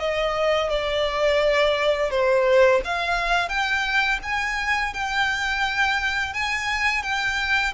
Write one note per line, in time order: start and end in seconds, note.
0.00 0.70 D#5
0.70 2.11 D5
2.11 2.81 C5
2.85 3.49 F5
3.49 4.19 G5
4.23 4.93 G#5
4.94 6.34 G5
6.34 7.03 G#5
7.03 7.74 G5